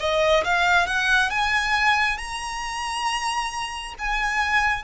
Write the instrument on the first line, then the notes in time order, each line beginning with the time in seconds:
violin
0.00 D#5
0.45 F5
0.87 F#5
1.31 G#5
2.18 A#5
3.99 G#5